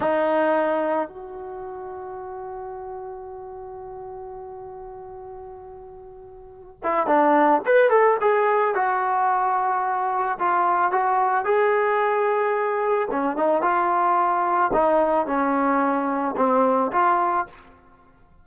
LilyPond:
\new Staff \with { instrumentName = "trombone" } { \time 4/4 \tempo 4 = 110 dis'2 fis'2~ | fis'1~ | fis'1~ | fis'8 e'8 d'4 b'8 a'8 gis'4 |
fis'2. f'4 | fis'4 gis'2. | cis'8 dis'8 f'2 dis'4 | cis'2 c'4 f'4 | }